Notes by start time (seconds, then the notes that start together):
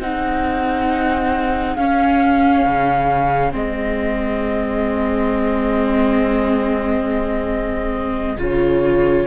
0.00 C4 D#4 G#4 F#5
1.76 C#4 F5
2.65 C#3
3.52 G#3 C4 D#5
8.38 C#3 F4 C#5